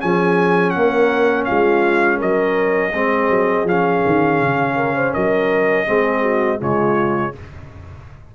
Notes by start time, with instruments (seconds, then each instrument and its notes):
0.00 tuba F3, trombone C#4, horn G#4, trumpet G#5
0.70 tuba A#3, horn A#4, trumpet F#5
1.45 tuba G#3, horn F4, trumpet F5
2.17 tuba F#3, horn A#4, trumpet D#5
2.93 tuba G#3, trombone C4, horn G#4
3.29 tuba F#3
3.64 tuba F3, trombone C#4, trumpet F5
4.06 tuba D#3
4.41 tuba C#3
4.76 horn A#4
4.95 horn C5
5.13 tuba F#3, horn A#4, trumpet D#5
5.86 tuba G#3, trombone C4, horn G#4
6.22 horn F#4
6.59 tuba C#3, trombone G#3, horn F4, trumpet C#5